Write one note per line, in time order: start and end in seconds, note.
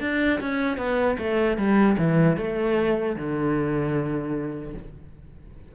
0.00 0.39 D4
0.40 0.77 C#4
0.77 1.17 B3
1.18 1.57 A3
1.57 1.97 G3
1.98 2.37 E3
2.37 3.16 A3
3.16 4.74 D3